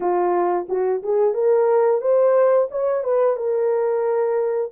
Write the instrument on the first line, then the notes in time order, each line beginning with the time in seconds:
horn
0.00 F4
0.68 F#4
1.02 G#4
1.34 A#4
2.01 C5
2.70 C#5
3.03 B4
3.36 A#4